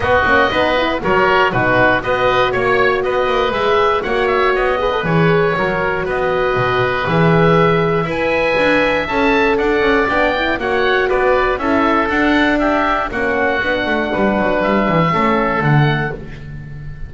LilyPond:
<<
  \new Staff \with { instrumentName = "oboe" } { \time 4/4 \tempo 4 = 119 dis''2 cis''4 b'4 | dis''4 cis''4 dis''4 e''4 | fis''8 e''8 dis''4 cis''2 | dis''2 e''2 |
gis''2 a''4 fis''4 | g''4 fis''4 d''4 e''4 | fis''4 e''4 fis''2~ | fis''4 e''2 fis''4 | }
  \new Staff \with { instrumentName = "oboe" } { \time 4/4 fis'4 b'4 ais'4 fis'4 | b'4 cis''4 b'2 | cis''4. b'4. ais'4 | b'1 |
e''2. d''4~ | d''4 cis''4 b'4 a'4~ | a'4 g'4 fis'2 | b'2 a'2 | }
  \new Staff \with { instrumentName = "horn" } { \time 4/4 b8 cis'8 dis'8 e'8 fis'4 dis'4 | fis'2. gis'4 | fis'4. gis'16 a'16 gis'4 fis'4~ | fis'2 gis'2 |
b'2 a'2 | d'8 e'8 fis'2 e'4 | d'2 cis'4 d'4~ | d'2 cis'4 a4 | }
  \new Staff \with { instrumentName = "double bass" } { \time 4/4 b8 ais8 b4 fis4 b,4 | b4 ais4 b8 ais8 gis4 | ais4 b4 e4 fis4 | b4 b,4 e2 |
e'4 d'4 cis'4 d'8 cis'8 | b4 ais4 b4 cis'4 | d'2 ais4 b8 a8 | g8 fis8 g8 e8 a4 d4 | }
>>